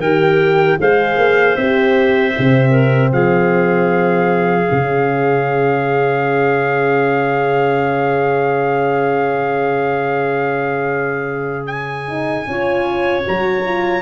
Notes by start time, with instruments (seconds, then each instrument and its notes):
0.00 tuba D#3, horn G4, clarinet A#4, trumpet G5
0.81 tuba G#3, horn G#4, clarinet C5, trumpet F5
1.18 tuba A#3
1.57 tuba C4, horn G4, trumpet E5
2.33 horn C4
2.39 tuba C3
2.71 clarinet A#4
3.12 tuba F3, clarinet G#4, trumpet F5
4.69 tuba C#3, horn C#4
11.67 trumpet G#5
12.08 horn D#4
12.48 tuba C#4, horn F4, clarinet C#5
13.24 tuba F#3, horn F#4, trumpet A#5
13.65 horn F4